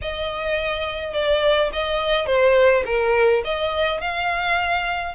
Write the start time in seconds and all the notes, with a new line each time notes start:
0.01 D#5
1.13 D5
1.72 D#5
2.26 C5
2.85 A#4
3.44 D#5
4.01 F5